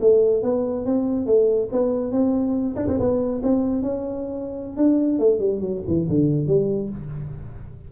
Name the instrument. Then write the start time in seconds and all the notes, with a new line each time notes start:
tuba
0.00 A3
0.42 B3
0.85 C4
1.26 A3
1.71 B3
2.11 C4
2.76 D4
2.88 C4
2.99 B3
3.43 C4
3.82 C#4
4.76 D4
5.19 A3
5.39 G3
5.60 F#3
5.87 E3
6.09 D3
6.47 G3